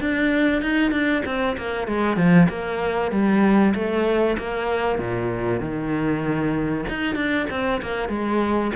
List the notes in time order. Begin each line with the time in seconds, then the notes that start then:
0.00 D4
0.61 D#4
0.91 D4
1.25 C4
1.57 A#3
1.87 G#3
2.16 F3
2.49 A#3
3.11 G3
3.74 A3
4.38 A#3
4.98 A#2
5.60 D#3
6.89 D#4
7.15 D4
7.50 C4
7.82 A#3
8.09 G#3